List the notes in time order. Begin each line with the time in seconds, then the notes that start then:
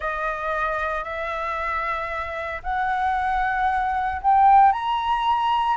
0.00 D#5
1.04 E5
2.63 F#5
4.21 G5
4.72 A#5